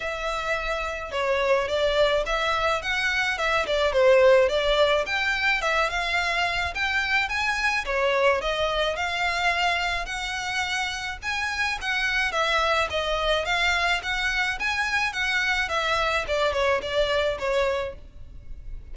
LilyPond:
\new Staff \with { instrumentName = "violin" } { \time 4/4 \tempo 4 = 107 e''2 cis''4 d''4 | e''4 fis''4 e''8 d''8 c''4 | d''4 g''4 e''8 f''4. | g''4 gis''4 cis''4 dis''4 |
f''2 fis''2 | gis''4 fis''4 e''4 dis''4 | f''4 fis''4 gis''4 fis''4 | e''4 d''8 cis''8 d''4 cis''4 | }